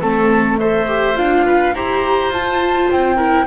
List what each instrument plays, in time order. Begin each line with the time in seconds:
0.00 double bass A3, viola C4, oboe A4, flute A4
0.59 viola A4, oboe C5, flute E5
0.87 viola G4
1.16 double bass D4, viola F4, flute F5
1.46 oboe B4
1.74 double bass E4, viola G4, oboe C5, flute A#5
2.29 double bass F4, viola F4, flute A5
2.91 double bass C4, flute G5
3.16 viola E4, oboe A#4